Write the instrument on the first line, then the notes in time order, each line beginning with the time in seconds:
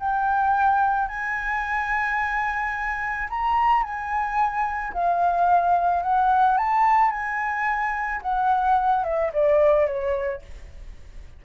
flute
0.00 G5
1.08 G#5
3.30 A#5
3.83 G#5
4.93 F5
6.03 F#5
6.57 A5
7.11 G#5
8.22 F#5
9.04 E5
9.33 D5
9.87 C#5